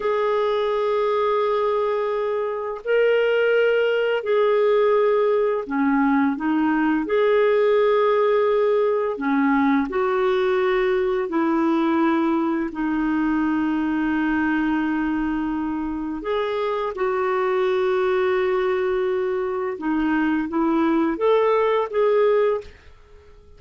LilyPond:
\new Staff \with { instrumentName = "clarinet" } { \time 4/4 \tempo 4 = 85 gis'1 | ais'2 gis'2 | cis'4 dis'4 gis'2~ | gis'4 cis'4 fis'2 |
e'2 dis'2~ | dis'2. gis'4 | fis'1 | dis'4 e'4 a'4 gis'4 | }